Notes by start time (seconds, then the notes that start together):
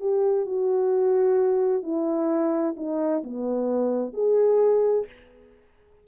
0.00 G4
0.45 F#4
1.82 E4
2.76 D#4
3.23 B3
4.13 G#4